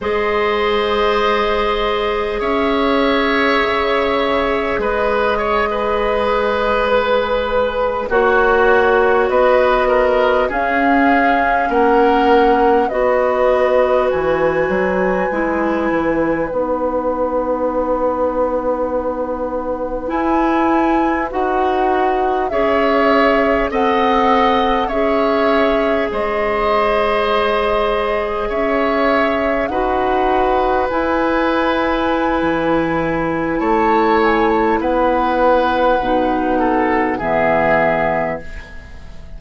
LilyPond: <<
  \new Staff \with { instrumentName = "flute" } { \time 4/4 \tempo 4 = 50 dis''2 e''2 | dis''4.~ dis''16 b'4 cis''4 dis''16~ | dis''8. f''4 fis''4 dis''4 gis''16~ | gis''4.~ gis''16 fis''2~ fis''16~ |
fis''8. gis''4 fis''4 e''4 fis''16~ | fis''8. e''4 dis''2 e''16~ | e''8. fis''4 gis''2~ gis''16 | a''8 gis''16 a''16 fis''2 e''4 | }
  \new Staff \with { instrumentName = "oboe" } { \time 4/4 c''2 cis''2 | b'8 cis''16 b'2 fis'4 b'16~ | b'16 ais'8 gis'4 ais'4 b'4~ b'16~ | b'1~ |
b'2~ b'8. cis''4 dis''16~ | dis''8. cis''4 c''2 cis''16~ | cis''8. b'2.~ b'16 | cis''4 b'4. a'8 gis'4 | }
  \new Staff \with { instrumentName = "clarinet" } { \time 4/4 gis'1~ | gis'2~ gis'8. fis'4~ fis'16~ | fis'8. cis'2 fis'4~ fis'16~ | fis'8. e'4 dis'2~ dis'16~ |
dis'8. e'4 fis'4 gis'4 a'16~ | a'8. gis'2.~ gis'16~ | gis'8. fis'4 e'2~ e'16~ | e'2 dis'4 b4 | }
  \new Staff \with { instrumentName = "bassoon" } { \time 4/4 gis2 cis'4 cis4 | gis2~ gis8. ais4 b16~ | b8. cis'4 ais4 b4 e16~ | e16 fis8 gis8 e8 b2~ b16~ |
b8. e'4 dis'4 cis'4 c'16~ | c'8. cis'4 gis2 cis'16~ | cis'8. dis'4 e'4~ e'16 e4 | a4 b4 b,4 e4 | }
>>